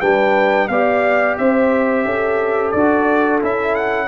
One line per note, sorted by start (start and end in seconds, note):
0.00 0.69 G3
0.00 0.70 D4
0.00 0.68 B4
0.00 0.68 G5
0.68 1.37 B3
0.68 2.76 G4
0.68 1.39 D5
0.68 1.36 F5
1.38 2.05 C4
1.38 2.06 C5
1.38 2.71 E5
2.05 2.73 C#4
2.05 4.07 A4
2.71 3.42 D4
2.71 3.42 F#4
2.71 3.39 D5
3.42 4.07 C#4
3.42 4.07 E4
3.42 3.75 E5
3.75 4.07 F#5